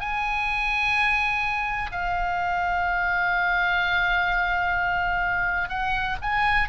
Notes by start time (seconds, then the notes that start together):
0.00 G#5
1.92 F5
5.69 F#5
6.22 G#5